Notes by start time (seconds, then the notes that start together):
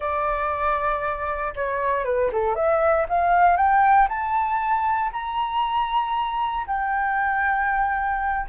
0.00 D5
1.55 C#5
2.04 B4
2.31 A4
2.55 E5
3.08 F5
3.56 G5
4.08 A5
5.12 A#5
6.66 G5